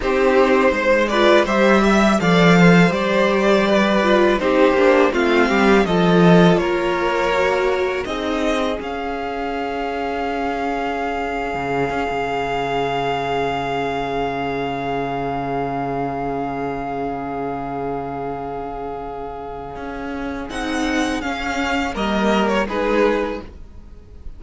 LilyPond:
<<
  \new Staff \with { instrumentName = "violin" } { \time 4/4 \tempo 4 = 82 c''4. d''8 e''4 f''4 | d''2 c''4 f''4 | dis''4 cis''2 dis''4 | f''1~ |
f''1~ | f''1~ | f''1 | fis''4 f''4 dis''8. cis''16 b'4 | }
  \new Staff \with { instrumentName = "violin" } { \time 4/4 g'4 c''8 b'8 c''8 e''8 d''8 c''8~ | c''4 b'4 g'4 f'8 g'8 | a'4 ais'2 gis'4~ | gis'1~ |
gis'1~ | gis'1~ | gis'1~ | gis'2 ais'4 gis'4 | }
  \new Staff \with { instrumentName = "viola" } { \time 4/4 dis'4. f'8 g'4 a'4 | g'4. f'8 dis'8 d'8 c'4 | f'2 fis'4 dis'4 | cis'1~ |
cis'1~ | cis'1~ | cis'1 | dis'4 cis'4 ais4 dis'4 | }
  \new Staff \with { instrumentName = "cello" } { \time 4/4 c'4 gis4 g4 f4 | g2 c'8 ais8 a8 g8 | f4 ais2 c'4 | cis'2.~ cis'8. cis16~ |
cis16 cis'16 cis2.~ cis8~ | cis1~ | cis2. cis'4 | c'4 cis'4 g4 gis4 | }
>>